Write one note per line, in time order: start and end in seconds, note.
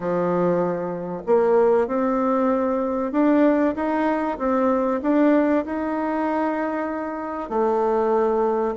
0.00 1.22 F3
1.26 1.87 A#3
1.87 3.12 C4
3.12 3.74 D4
3.75 4.38 D#4
4.38 5.00 C4
5.02 5.64 D4
5.65 7.49 D#4
7.49 8.74 A3